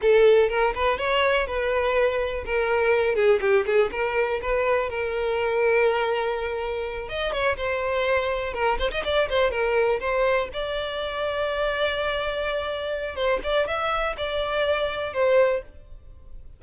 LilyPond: \new Staff \with { instrumentName = "violin" } { \time 4/4 \tempo 4 = 123 a'4 ais'8 b'8 cis''4 b'4~ | b'4 ais'4. gis'8 g'8 gis'8 | ais'4 b'4 ais'2~ | ais'2~ ais'8 dis''8 cis''8 c''8~ |
c''4. ais'8 c''16 dis''16 d''8 c''8 ais'8~ | ais'8 c''4 d''2~ d''8~ | d''2. c''8 d''8 | e''4 d''2 c''4 | }